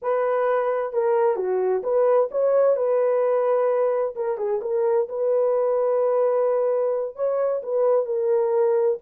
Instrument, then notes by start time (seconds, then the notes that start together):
horn
0.01 B4
0.92 A#4
1.36 F#4
1.83 B4
2.31 C#5
2.76 B4
4.15 A#4
4.37 G#4
4.61 A#4
5.09 B4
7.15 C#5
7.62 B4
8.05 A#4